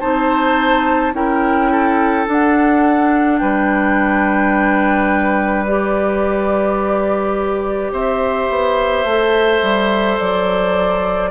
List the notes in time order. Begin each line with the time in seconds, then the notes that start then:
0.00 C4 D#4 C5 A5
1.13 C#4 E4 A#4 G5
1.72 A4
2.27 D4 F#5
3.39 G3 B4 G5
5.66 G4 D5
7.92 C4 C5 E5
8.50 B3
9.04 A3 A4
9.62 G3
10.20 F#3 D5